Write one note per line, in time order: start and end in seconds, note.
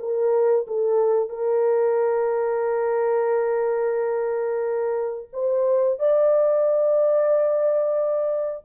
0.00 0.67 A#4
0.68 1.30 A4
1.30 5.30 A#4
5.33 6.00 C5
6.00 8.66 D5